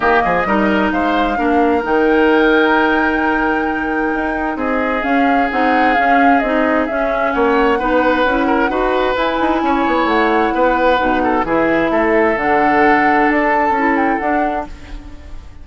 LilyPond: <<
  \new Staff \with { instrumentName = "flute" } { \time 4/4 \tempo 4 = 131 dis''2 f''2 | g''1~ | g''2 dis''4 f''4 | fis''4 f''4 dis''4 e''4 |
fis''1 | gis''2 fis''2~ | fis''4 e''2 fis''4~ | fis''4 a''4. g''8 fis''4 | }
  \new Staff \with { instrumentName = "oboe" } { \time 4/4 g'8 gis'8 ais'4 c''4 ais'4~ | ais'1~ | ais'2 gis'2~ | gis'1 |
cis''4 b'4. ais'8 b'4~ | b'4 cis''2 b'4~ | b'8 a'8 gis'4 a'2~ | a'1 | }
  \new Staff \with { instrumentName = "clarinet" } { \time 4/4 ais4 dis'2 d'4 | dis'1~ | dis'2. cis'4 | dis'4 cis'4 dis'4 cis'4~ |
cis'4 dis'4 e'4 fis'4 | e'1 | dis'4 e'2 d'4~ | d'2 e'4 d'4 | }
  \new Staff \with { instrumentName = "bassoon" } { \time 4/4 dis8 f8 g4 gis4 ais4 | dis1~ | dis4 dis'4 c'4 cis'4 | c'4 cis'4 c'4 cis'4 |
ais4 b4 cis'4 dis'4 | e'8 dis'8 cis'8 b8 a4 b4 | b,4 e4 a4 d4~ | d4 d'4 cis'4 d'4 | }
>>